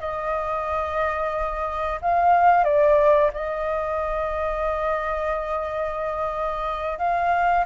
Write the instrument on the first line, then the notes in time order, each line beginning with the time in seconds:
flute
0.00 D#5
2.02 F5
2.64 D5
3.33 D#5
6.98 F5